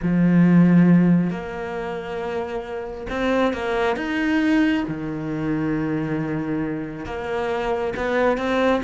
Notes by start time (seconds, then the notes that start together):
0.02 F3
1.30 A#3
3.09 C4
3.53 A#3
3.96 D#4
4.87 D#3
7.05 A#3
7.96 B3
8.37 C4